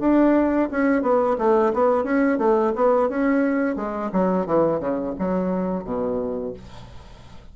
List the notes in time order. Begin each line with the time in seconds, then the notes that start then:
0.00 D4
0.71 C#4
1.03 B3
1.39 A3
1.73 B3
2.04 C#4
2.39 A3
2.76 B3
3.09 C#4
3.76 G#3
4.13 F#3
4.47 E3
4.80 C#3
5.19 F#3
5.85 B2